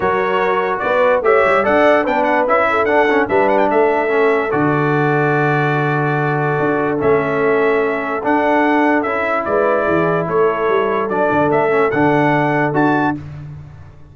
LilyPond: <<
  \new Staff \with { instrumentName = "trumpet" } { \time 4/4 \tempo 4 = 146 cis''2 d''4 e''4 | fis''4 g''8 fis''8 e''4 fis''4 | e''8 fis''16 g''16 e''2 d''4~ | d''1~ |
d''4 e''2. | fis''2 e''4 d''4~ | d''4 cis''2 d''4 | e''4 fis''2 a''4 | }
  \new Staff \with { instrumentName = "horn" } { \time 4/4 ais'2 b'4 cis''4 | d''4 b'4. a'4. | b'4 a'2.~ | a'1~ |
a'1~ | a'2. b'4 | gis'4 a'2.~ | a'1 | }
  \new Staff \with { instrumentName = "trombone" } { \time 4/4 fis'2. g'4 | a'4 d'4 e'4 d'8 cis'8 | d'2 cis'4 fis'4~ | fis'1~ |
fis'4 cis'2. | d'2 e'2~ | e'2. d'4~ | d'8 cis'8 d'2 fis'4 | }
  \new Staff \with { instrumentName = "tuba" } { \time 4/4 fis2 b4 a8 g8 | d'4 b4 cis'4 d'4 | g4 a2 d4~ | d1 |
d'4 a2. | d'2 cis'4 gis4 | e4 a4 g4 fis8 d8 | a4 d2 d'4 | }
>>